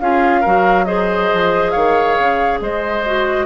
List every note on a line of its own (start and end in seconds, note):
0.00 0.44 C#4
0.00 0.44 F4
0.00 0.41 G#4
0.00 0.85 F5
0.41 1.33 F#3
0.41 0.86 F#4
0.41 0.84 A#4
0.85 3.04 G#4
0.85 1.72 C5
0.85 1.71 D#5
1.33 1.75 F3
1.71 2.18 D#3
1.71 2.59 C#5
1.71 2.58 F5
2.18 2.61 C#3
2.61 3.46 G#3
2.61 3.46 C5
2.61 3.46 D#5
3.06 3.46 F#4